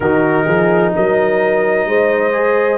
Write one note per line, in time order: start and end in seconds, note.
0.00 0.46 D#3
0.00 2.32 D#4
0.00 0.44 F#4
0.00 0.93 A#4
0.44 0.95 F3
0.44 0.91 G#4
0.94 1.86 F#3
0.94 1.88 A#4
0.94 2.77 D#5
1.86 2.77 G#3
1.86 2.77 C5
2.32 2.77 G#4